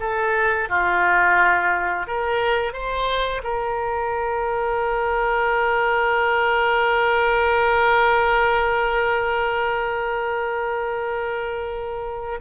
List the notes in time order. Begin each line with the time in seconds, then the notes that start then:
0.00 A4
0.69 F4
2.08 A#4
2.73 C5
3.44 A#4